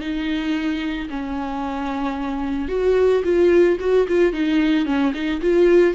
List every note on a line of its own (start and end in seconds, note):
0.00 1.08 D#4
1.09 2.68 C#4
2.68 3.22 F#4
3.23 3.77 F4
3.80 4.07 F#4
4.08 4.33 F4
4.33 4.85 D#4
4.85 5.12 C#4
5.14 5.41 D#4
5.41 5.94 F4